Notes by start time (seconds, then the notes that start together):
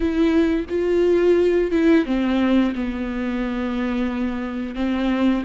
0.00 E4
0.69 F4
1.71 E4
2.05 C4
2.75 B3
4.75 C4